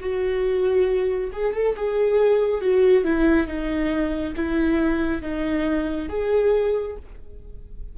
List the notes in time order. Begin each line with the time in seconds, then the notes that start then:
0.00 F#4
1.32 G#4
1.53 A4
1.76 G#4
2.60 F#4
3.04 E4
3.47 D#4
4.36 E4
5.22 D#4
6.09 G#4